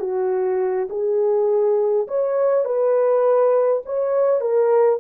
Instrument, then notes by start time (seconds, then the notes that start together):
horn
0.00 F#4
0.90 G#4
2.08 C#5
2.65 B4
3.86 C#5
4.41 A#4